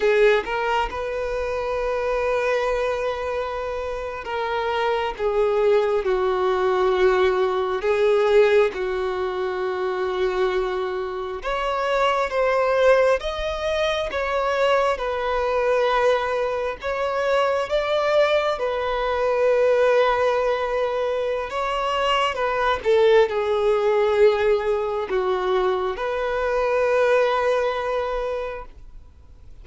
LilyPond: \new Staff \with { instrumentName = "violin" } { \time 4/4 \tempo 4 = 67 gis'8 ais'8 b'2.~ | b'8. ais'4 gis'4 fis'4~ fis'16~ | fis'8. gis'4 fis'2~ fis'16~ | fis'8. cis''4 c''4 dis''4 cis''16~ |
cis''8. b'2 cis''4 d''16~ | d''8. b'2.~ b'16 | cis''4 b'8 a'8 gis'2 | fis'4 b'2. | }